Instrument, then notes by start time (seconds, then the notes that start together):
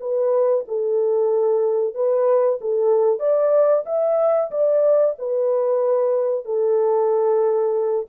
horn
0.00 B4
0.68 A4
1.94 B4
2.61 A4
3.19 D5
3.86 E5
4.51 D5
5.19 B4
6.45 A4